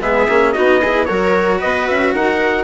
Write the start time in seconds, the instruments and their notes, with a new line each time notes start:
0.00 bassoon G#3, cello B3, viola G#4, trumpet E5
0.29 bassoon A#3, cello C#4
0.52 bassoon B3, cello D#4, viola F#4, trumpet D#5
0.81 cello E4, viola G#4
1.05 bassoon F#3, cello F#4, viola A#4, trumpet C#5
1.59 bassoon B3, viola B4, trumpet D#5
1.87 bassoon C#4, trumpet E5
2.14 bassoon D#4, viola A#4, trumpet F#5